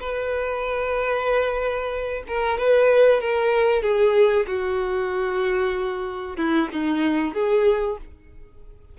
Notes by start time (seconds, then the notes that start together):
0.00 B4
2.27 A#4
2.59 B4
3.21 A#4
3.82 G#4
4.47 F#4
6.37 E4
6.73 D#4
7.34 G#4